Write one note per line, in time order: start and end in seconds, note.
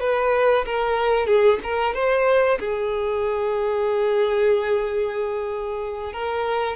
0.00 0.65 B4
0.65 1.26 A#4
1.26 1.59 G#4
1.63 1.94 A#4
1.94 2.58 C5
2.59 6.13 G#4
6.13 6.76 A#4